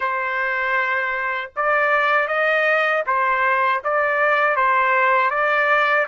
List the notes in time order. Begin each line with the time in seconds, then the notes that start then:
0.00 C5
1.56 D5
2.28 D#5
3.06 C5
3.84 D5
4.56 C5
5.30 D5